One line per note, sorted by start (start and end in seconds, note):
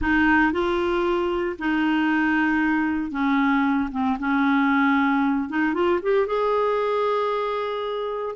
0.01 0.52 D#4
0.52 1.56 F4
1.58 3.11 D#4
3.11 3.89 C#4
3.91 4.17 C4
4.19 5.49 C#4
5.49 5.73 D#4
5.73 6.00 F4
6.02 6.26 G4
6.26 8.35 G#4